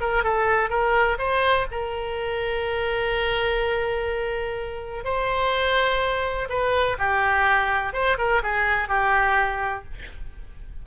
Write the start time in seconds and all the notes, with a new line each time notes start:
0.00 A#4
0.23 A4
0.69 A#4
1.18 C5
1.71 A#4
5.04 C5
6.49 B4
6.98 G4
7.93 C5
8.17 A#4
8.42 G#4
8.88 G4